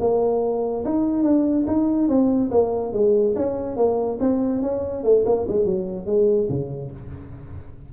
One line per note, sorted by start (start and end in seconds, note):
0.00 0.84 A#3
0.85 1.23 D#4
1.23 1.65 D4
1.67 2.08 D#4
2.08 2.50 C4
2.51 2.93 A#3
2.93 3.35 G#3
3.36 3.76 C#4
3.76 4.18 A#3
4.20 4.62 C4
4.62 5.03 C#4
5.03 5.24 A3
5.26 5.47 A#3
5.48 5.65 G#3
5.65 6.06 F#3
6.06 6.48 G#3
6.49 6.91 C#3